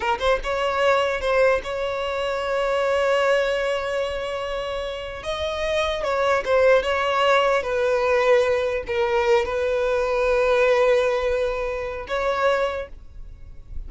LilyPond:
\new Staff \with { instrumentName = "violin" } { \time 4/4 \tempo 4 = 149 ais'8 c''8 cis''2 c''4 | cis''1~ | cis''1~ | cis''4 dis''2 cis''4 |
c''4 cis''2 b'4~ | b'2 ais'4. b'8~ | b'1~ | b'2 cis''2 | }